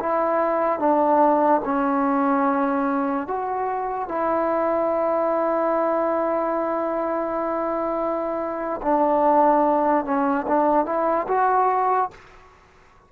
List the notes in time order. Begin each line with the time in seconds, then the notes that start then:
0.00 E4
0.79 D4
1.65 C#4
3.27 F#4
4.09 E4
8.82 D4
10.05 C#4
10.48 D4
10.86 E4
11.29 F#4